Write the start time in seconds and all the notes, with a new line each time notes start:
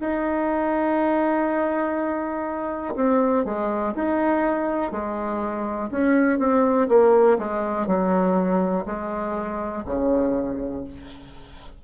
0.00 D#4
2.96 C4
3.45 G#3
3.95 D#4
4.92 G#3
5.92 C#4
6.39 C4
6.89 A#3
7.39 G#3
7.87 F#3
8.86 G#3
9.86 C#3